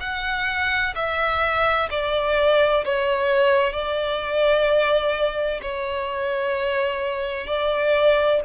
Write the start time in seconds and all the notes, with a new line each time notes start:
0.00 F#5
0.95 E5
1.90 D5
2.85 C#5
3.72 D5
5.62 C#5
7.47 D5